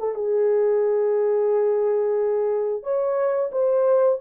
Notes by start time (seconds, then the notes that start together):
0.00 A4
0.15 G#4
2.83 C#5
3.52 C5